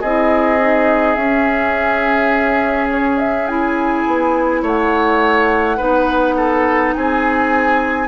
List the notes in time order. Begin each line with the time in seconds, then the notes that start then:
0.00 C4 E4 G#4 D#5
0.59 D#4
1.15 C#4 E5
2.92 C#5
3.18 E5
3.47 E4 G#5
4.07 B3
4.62 A3 C#5 F#5
5.76 B3 D#4 B4
6.37 A4
6.94 C4 G#4 G#5